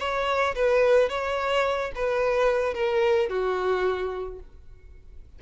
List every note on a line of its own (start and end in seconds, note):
0.00 0.55 C#5
0.56 1.09 B4
1.09 1.92 C#5
1.95 2.74 B4
2.74 3.29 A#4
3.30 4.40 F#4